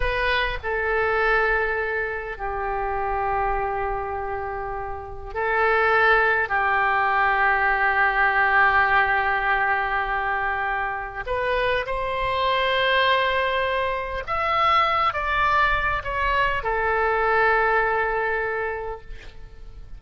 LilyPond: \new Staff \with { instrumentName = "oboe" } { \time 4/4 \tempo 4 = 101 b'4 a'2. | g'1~ | g'4 a'2 g'4~ | g'1~ |
g'2. b'4 | c''1 | e''4. d''4. cis''4 | a'1 | }